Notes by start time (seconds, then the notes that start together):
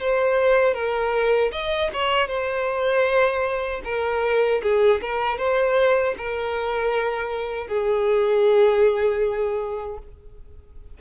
0.00 C5
0.74 A#4
1.52 D#5
1.93 C#5
2.28 C5
3.85 A#4
4.63 G#4
5.02 A#4
5.38 C5
6.17 A#4
7.67 G#4